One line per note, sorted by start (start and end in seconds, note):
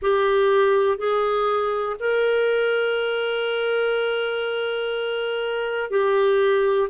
0.02 0.97 G4
0.97 1.96 G#4
1.99 5.90 A#4
5.90 6.89 G4